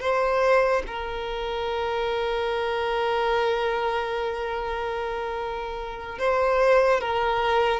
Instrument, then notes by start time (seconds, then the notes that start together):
violin
0.00 C5
0.87 A#4
6.18 C5
7.00 A#4